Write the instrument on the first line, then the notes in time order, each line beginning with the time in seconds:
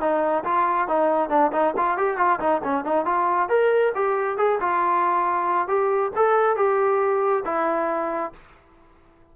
trombone
0.00 D#4
0.44 F4
0.88 D#4
1.29 D4
1.52 D#4
1.77 F4
1.97 G4
2.17 F4
2.39 D#4
2.63 C#4
2.84 D#4
3.05 F4
3.49 A#4
3.95 G4
4.37 G#4
4.60 F4
5.68 G4
6.16 A4
6.56 G4
7.45 E4